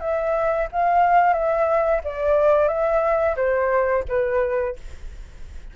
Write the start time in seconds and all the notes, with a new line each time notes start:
0.00 E5
0.72 F5
1.33 E5
2.04 D5
2.68 E5
3.36 C5
4.08 B4